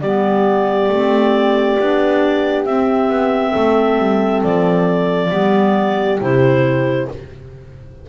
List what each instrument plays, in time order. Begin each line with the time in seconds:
0.00 double bass G3, clarinet B3 D5, horn G4
0.89 double bass A3, clarinet C4
1.79 double bass B3, clarinet D4
2.65 double bass C4, clarinet C4 E5
3.09 double bass B3
3.52 double bass A3, horn A4
3.98 double bass G3
4.43 double bass F3, clarinet D5
5.30 double bass G3, clarinet B3, horn G4
6.20 double bass C3, clarinet E4 C5